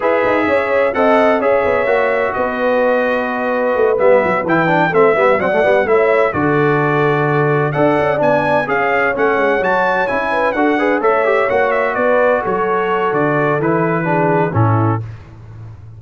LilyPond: <<
  \new Staff \with { instrumentName = "trumpet" } { \time 4/4 \tempo 4 = 128 e''2 fis''4 e''4~ | e''4 dis''2.~ | dis''8 e''4 g''4 e''4 fis''8~ | fis''8 e''4 d''2~ d''8~ |
d''8 fis''4 gis''4 f''4 fis''8~ | fis''8 a''4 gis''4 fis''4 e''8~ | e''8 fis''8 e''8 d''4 cis''4. | d''4 b'2 a'4 | }
  \new Staff \with { instrumentName = "horn" } { \time 4/4 b'4 cis''4 dis''4 cis''4~ | cis''4 b'2.~ | b'2~ b'8 a'8 e''8 d''8~ | d''8 cis''4 a'2~ a'8~ |
a'8 d''2 cis''4.~ | cis''2 b'8 a'8 b'8 cis''8~ | cis''4. b'4 a'4.~ | a'2 gis'4 e'4 | }
  \new Staff \with { instrumentName = "trombone" } { \time 4/4 gis'2 a'4 gis'4 | fis'1~ | fis'8 b4 e'8 d'8 c'8 b8 c'16 a16 | b8 e'4 fis'2~ fis'8~ |
fis'8 a'4 d'4 gis'4 cis'8~ | cis'8 fis'4 e'4 fis'8 gis'8 a'8 | g'8 fis'2.~ fis'8~ | fis'4 e'4 d'4 cis'4 | }
  \new Staff \with { instrumentName = "tuba" } { \time 4/4 e'8 dis'8 cis'4 c'4 cis'8 b8 | ais4 b2. | a8 g8 fis8 e4 a8 g8 fis8 | g8 a4 d2~ d8~ |
d8 d'8 cis'8 b4 cis'4 a8 | gis8 fis4 cis'4 d'4 a8~ | a8 ais4 b4 fis4. | d4 e2 a,4 | }
>>